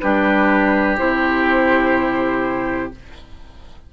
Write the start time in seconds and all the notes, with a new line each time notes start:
0.00 G3 D4 G4 B4
0.98 C3 E4 C5